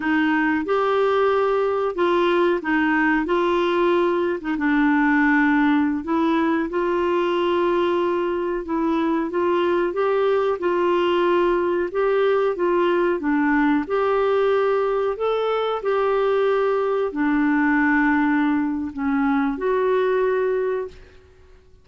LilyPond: \new Staff \with { instrumentName = "clarinet" } { \time 4/4 \tempo 4 = 92 dis'4 g'2 f'4 | dis'4 f'4.~ f'16 dis'16 d'4~ | d'4~ d'16 e'4 f'4.~ f'16~ | f'4~ f'16 e'4 f'4 g'8.~ |
g'16 f'2 g'4 f'8.~ | f'16 d'4 g'2 a'8.~ | a'16 g'2 d'4.~ d'16~ | d'4 cis'4 fis'2 | }